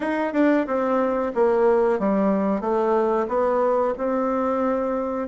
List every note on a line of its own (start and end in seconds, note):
0.00 0.33 D#4
0.33 0.66 D4
0.66 1.32 C4
1.34 1.99 A#3
1.99 2.60 G3
2.60 3.26 A3
3.28 3.94 B3
3.97 5.27 C4